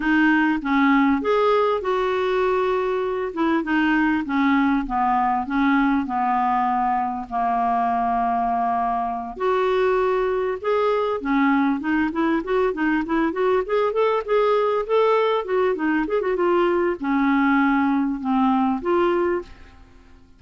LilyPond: \new Staff \with { instrumentName = "clarinet" } { \time 4/4 \tempo 4 = 99 dis'4 cis'4 gis'4 fis'4~ | fis'4. e'8 dis'4 cis'4 | b4 cis'4 b2 | ais2.~ ais8 fis'8~ |
fis'4. gis'4 cis'4 dis'8 | e'8 fis'8 dis'8 e'8 fis'8 gis'8 a'8 gis'8~ | gis'8 a'4 fis'8 dis'8 gis'16 fis'16 f'4 | cis'2 c'4 f'4 | }